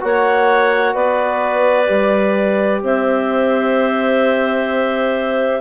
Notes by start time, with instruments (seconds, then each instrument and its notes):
0.00 bassoon A#3, trombone F#4, clarinet C#5 F#5
0.94 bassoon B3, clarinet B4 D5
1.86 bassoon G3, trombone G4
2.82 bassoon C4, clarinet C5 E5